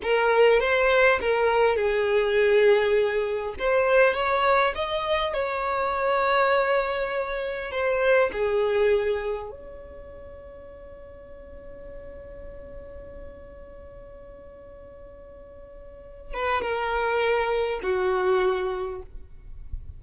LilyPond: \new Staff \with { instrumentName = "violin" } { \time 4/4 \tempo 4 = 101 ais'4 c''4 ais'4 gis'4~ | gis'2 c''4 cis''4 | dis''4 cis''2.~ | cis''4 c''4 gis'2 |
cis''1~ | cis''1~ | cis''2.~ cis''8 b'8 | ais'2 fis'2 | }